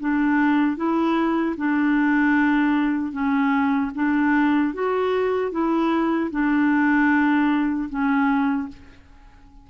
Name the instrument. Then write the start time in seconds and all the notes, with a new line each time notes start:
clarinet
0.00 D4
0.77 E4
1.58 D4
3.13 C#4
3.95 D4
4.74 F#4
5.52 E4
6.31 D4
7.89 C#4